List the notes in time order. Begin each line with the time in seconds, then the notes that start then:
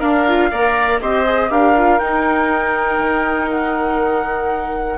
0.00 D4 A#4 F5
0.28 F4
0.51 A#3 A#4 D5
1.01 C4 G4 C5 D#5
1.26 G#4
1.50 D4 G4 A#4 F5
1.77 F4
1.99 D#4 G5
2.99 D#3
3.51 F#5